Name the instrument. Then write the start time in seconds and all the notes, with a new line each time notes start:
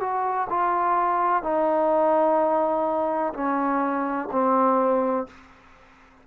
trombone
0.00 F#4
0.50 F4
1.43 D#4
3.34 C#4
4.32 C4